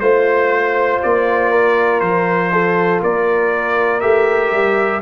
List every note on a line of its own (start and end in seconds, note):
0.00 1.00 A3
0.00 4.02 F4
0.00 1.00 C5
0.00 1.51 C5
1.03 2.01 A#3
1.03 2.01 D5
1.51 2.51 A#4
2.01 3.01 F3
2.01 3.01 C5
2.53 3.02 A4
3.02 4.03 A#3
3.02 5.02 A#4
3.02 4.01 D5
4.01 4.53 A3
4.01 5.02 G4
4.01 5.01 E5
4.53 5.02 G3